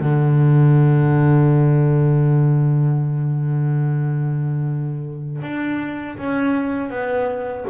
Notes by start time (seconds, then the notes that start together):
0.00 D3
5.42 D4
6.18 C#4
6.90 B3